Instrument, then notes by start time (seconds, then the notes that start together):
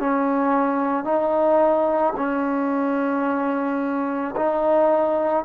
trombone
0.00 C#4
1.05 D#4
2.17 C#4
4.37 D#4